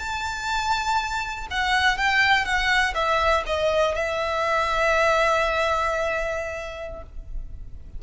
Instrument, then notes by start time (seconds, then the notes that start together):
violin
0.00 A5
1.51 F#5
1.98 G5
2.45 F#5
2.95 E5
3.47 D#5
3.96 E5